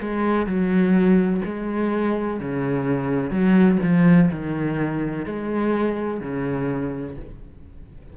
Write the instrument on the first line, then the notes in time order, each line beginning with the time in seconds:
cello
0.00 G#3
0.46 F#3
1.44 G#3
2.39 C#3
3.30 F#3
3.82 F3
4.30 D#3
5.25 G#3
6.20 C#3